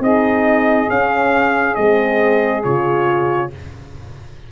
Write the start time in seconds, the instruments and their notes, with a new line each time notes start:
0.00 tuba C4, horn D#4, saxophone G#4, trumpet D#5
0.87 horn C#4, tuba C#4, trumpet F5
1.75 tuba G#3, horn C4, trumpet D#5
2.64 tuba C#3, horn F4, trumpet C#5